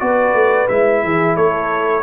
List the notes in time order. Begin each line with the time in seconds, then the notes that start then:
0.00 B3 F#4 B4 D5
0.34 A3
0.68 G#3 E4 E5
1.03 E3 G#4
1.36 A3 A4 C#5